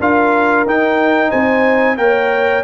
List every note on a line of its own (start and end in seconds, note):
0.00 0.66 D4
0.00 0.67 F4
0.00 1.30 A#4
0.00 0.68 F5
0.66 1.32 D#4
0.66 1.98 D#4
0.66 1.31 G5
1.30 1.98 C4
1.30 1.95 C5
1.30 1.97 G#5
1.98 2.64 A#3
1.98 2.63 A#4
1.98 2.64 C#5
1.98 2.64 G5